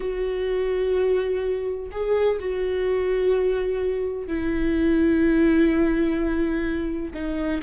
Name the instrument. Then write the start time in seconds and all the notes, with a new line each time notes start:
viola
0.00 F#4
1.91 G#4
2.39 F#4
4.27 E4
7.14 D#4